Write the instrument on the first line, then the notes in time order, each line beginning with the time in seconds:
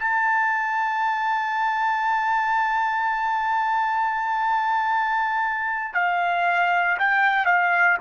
trumpet
0.00 A5
5.94 F5
6.99 G5
7.46 F5